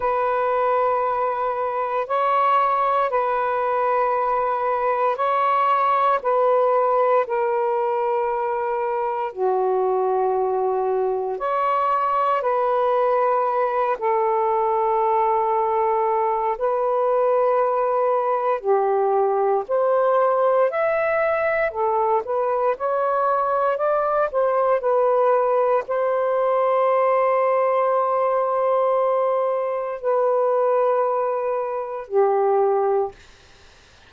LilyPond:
\new Staff \with { instrumentName = "saxophone" } { \time 4/4 \tempo 4 = 58 b'2 cis''4 b'4~ | b'4 cis''4 b'4 ais'4~ | ais'4 fis'2 cis''4 | b'4. a'2~ a'8 |
b'2 g'4 c''4 | e''4 a'8 b'8 cis''4 d''8 c''8 | b'4 c''2.~ | c''4 b'2 g'4 | }